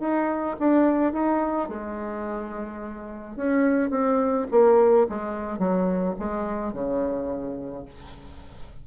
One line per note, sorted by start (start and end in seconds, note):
0.00 0.56 D#4
0.60 1.12 D4
1.12 1.68 D#4
1.69 3.36 G#3
3.36 3.90 C#4
3.90 4.47 C4
4.51 5.07 A#3
5.09 5.58 G#3
5.58 6.15 F#3
6.19 6.73 G#3
6.73 7.85 C#3